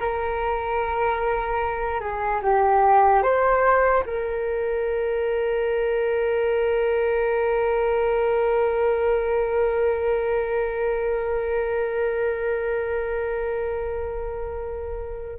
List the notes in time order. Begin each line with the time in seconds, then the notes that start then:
0.00 A#4
2.00 G#4
2.43 G4
3.23 C5
4.06 A#4